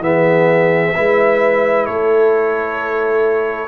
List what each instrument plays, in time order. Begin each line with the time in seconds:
0.00 tuba E3, trombone B3, horn G#4, trumpet E5
0.95 tuba G#3, trombone E4, horn B4
1.86 tuba A3, horn A4, trumpet C#5